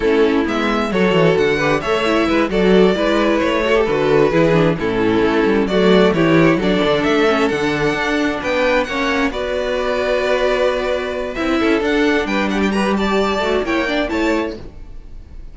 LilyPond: <<
  \new Staff \with { instrumentName = "violin" } { \time 4/4 \tempo 4 = 132 a'4 e''4 cis''4 fis''4 | e''4. d''2 cis''8~ | cis''8 b'2 a'4.~ | a'8 d''4 cis''4 d''4 e''8~ |
e''8 fis''2 g''4 fis''8~ | fis''8 d''2.~ d''8~ | d''4 e''4 fis''4 g''8 fis''16 g''16 | ais''8 a''4. g''4 a''4 | }
  \new Staff \with { instrumentName = "violin" } { \time 4/4 e'2 a'4. b'8 | cis''4 b'8 a'4 b'4. | a'4. gis'4 e'4.~ | e'8 fis'4 g'4 a'4.~ |
a'2~ a'8 b'4 cis''8~ | cis''8 b'2.~ b'8~ | b'4. a'4. b'8 g'8 | b'8 d''4. cis''8 d''8 cis''4 | }
  \new Staff \with { instrumentName = "viola" } { \time 4/4 cis'4 b4 fis'4. g'8 | a'8 e'4 fis'4 e'4. | fis'16 g'16 fis'4 e'8 d'8 cis'4.~ | cis'8 a4 e'4 d'4. |
cis'8 d'2. cis'8~ | cis'8 fis'2.~ fis'8~ | fis'4 e'4 d'2 | g'4. fis'8 e'8 d'8 e'4 | }
  \new Staff \with { instrumentName = "cello" } { \time 4/4 a4 gis4 fis8 e8 d4 | a4 gis8 fis4 gis4 a8~ | a8 d4 e4 a,4 a8 | g8 fis4 e4 fis8 d8 a8~ |
a8 d4 d'4 b4 ais8~ | ais8 b2.~ b8~ | b4 c'8 cis'8 d'4 g4~ | g4. a8 ais4 a4 | }
>>